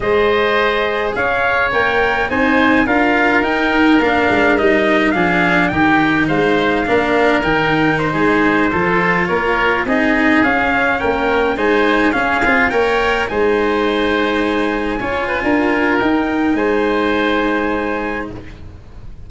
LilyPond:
<<
  \new Staff \with { instrumentName = "trumpet" } { \time 4/4 \tempo 4 = 105 dis''2 f''4 g''4 | gis''4 f''4 g''4 f''4 | dis''4 f''4 g''4 f''4~ | f''4 g''4 c''2~ |
c''16 cis''4 dis''4 f''4 g''8.~ | g''16 gis''4 f''4 g''4 gis''8.~ | gis''1 | g''4 gis''2. | }
  \new Staff \with { instrumentName = "oboe" } { \time 4/4 c''2 cis''2 | c''4 ais'2.~ | ais'4 gis'4 g'4 c''4 | ais'2~ ais'16 gis'4 a'8.~ |
a'16 ais'4 gis'2 ais'8.~ | ais'16 c''4 gis'4 cis''4 c''8.~ | c''2~ c''16 cis''8 b'16 ais'4~ | ais'4 c''2. | }
  \new Staff \with { instrumentName = "cello" } { \time 4/4 gis'2. ais'4 | dis'4 f'4 dis'4 d'4 | dis'4 d'4 dis'2 | d'4 dis'2~ dis'16 f'8.~ |
f'4~ f'16 dis'4 cis'4.~ cis'16~ | cis'16 dis'4 cis'8 f'8 ais'4 dis'8.~ | dis'2~ dis'16 f'4.~ f'16 | dis'1 | }
  \new Staff \with { instrumentName = "tuba" } { \time 4/4 gis2 cis'4 ais4 | c'4 d'4 dis'4 ais8 gis8 | g4 f4 dis4 gis4 | ais4 dis4~ dis16 gis4 f8.~ |
f16 ais4 c'4 cis'4 ais8.~ | ais16 gis4 cis'8 c'8 ais4 gis8.~ | gis2~ gis16 cis'8. d'4 | dis'4 gis2. | }
>>